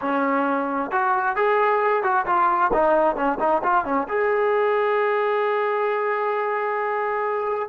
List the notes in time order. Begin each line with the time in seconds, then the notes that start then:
0.01 C#4
0.91 F#4
1.36 G#4
2.03 F#4
2.26 F4
2.73 D#4
3.15 C#4
3.39 D#4
3.63 F4
3.84 C#4
4.08 G#4